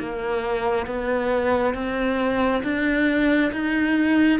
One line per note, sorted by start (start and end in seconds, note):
0.00 0.87 A#3
0.87 1.74 B3
1.74 2.63 C4
2.64 3.52 D4
3.52 4.40 D#4